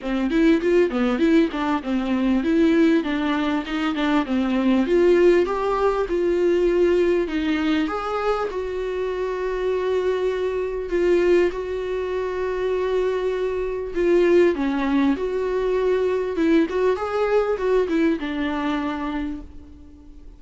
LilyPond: \new Staff \with { instrumentName = "viola" } { \time 4/4 \tempo 4 = 99 c'8 e'8 f'8 b8 e'8 d'8 c'4 | e'4 d'4 dis'8 d'8 c'4 | f'4 g'4 f'2 | dis'4 gis'4 fis'2~ |
fis'2 f'4 fis'4~ | fis'2. f'4 | cis'4 fis'2 e'8 fis'8 | gis'4 fis'8 e'8 d'2 | }